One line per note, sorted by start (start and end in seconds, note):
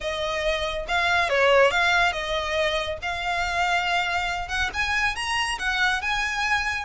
0.00 0.86 D#5
0.88 1.29 F5
1.29 1.70 C#5
1.70 2.12 F5
2.12 2.98 D#5
3.02 4.48 F5
4.48 4.69 F#5
4.73 5.15 G#5
5.15 5.58 A#5
5.58 6.01 F#5
6.01 6.85 G#5